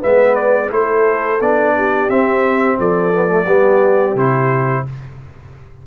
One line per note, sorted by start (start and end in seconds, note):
0.00 0.71 G#3
0.00 0.70 B3
0.00 0.69 B4
0.00 0.35 E5
0.35 0.70 D5
0.70 1.40 A3
0.70 1.39 E4
0.70 1.76 A4
0.70 1.41 C5
1.40 2.09 B3
1.40 2.09 D4
1.40 2.10 D5
1.77 2.79 G4
2.09 2.78 C4
2.09 3.13 C4
2.09 2.79 E5
2.79 3.46 F3
2.79 3.46 A4
2.79 4.18 D5
3.13 3.28 B3
3.28 3.45 A3
3.46 4.15 G3
3.46 4.17 B3
3.46 4.84 G4
4.15 4.84 C3
4.15 4.86 E4
4.15 4.86 C5